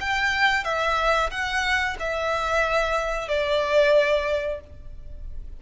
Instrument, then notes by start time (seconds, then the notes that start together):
violin
0.00 G5
0.64 E5
1.30 F#5
1.99 E5
3.28 D5